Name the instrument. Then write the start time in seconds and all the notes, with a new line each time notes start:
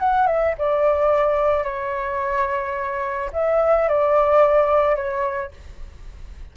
flute
0.00 F#5
0.27 E5
0.59 D5
1.64 C#5
3.33 E5
3.89 D5
4.96 C#5